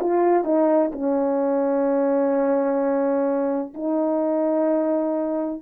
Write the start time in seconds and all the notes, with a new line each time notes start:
0.00 F4
0.44 D#4
0.92 C#4
3.74 D#4